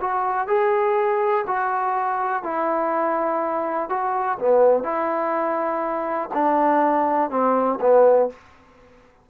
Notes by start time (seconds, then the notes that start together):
0.00 F#4
0.47 G#4
1.47 F#4
2.43 E4
3.89 F#4
4.38 B3
4.83 E4
6.33 D4
7.30 C4
7.80 B3